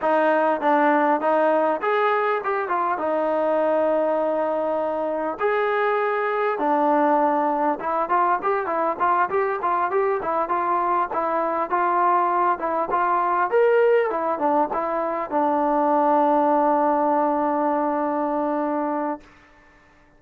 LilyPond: \new Staff \with { instrumentName = "trombone" } { \time 4/4 \tempo 4 = 100 dis'4 d'4 dis'4 gis'4 | g'8 f'8 dis'2.~ | dis'4 gis'2 d'4~ | d'4 e'8 f'8 g'8 e'8 f'8 g'8 |
f'8 g'8 e'8 f'4 e'4 f'8~ | f'4 e'8 f'4 ais'4 e'8 | d'8 e'4 d'2~ d'8~ | d'1 | }